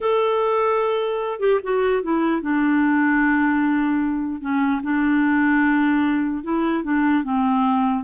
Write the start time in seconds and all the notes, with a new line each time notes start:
0.00 A4
1.39 G4
1.63 F#4
2.02 E4
2.41 D4
4.41 C#4
4.82 D4
6.43 E4
6.83 D4
7.23 C4